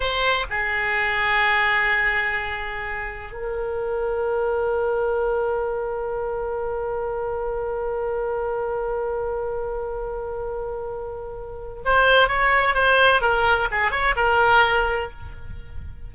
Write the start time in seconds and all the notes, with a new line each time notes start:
0.00 C5
0.50 G#4
3.32 A#4
11.85 C5
12.27 C#5
12.74 C5
13.21 A#4
13.71 G#4
13.91 C#5
14.16 A#4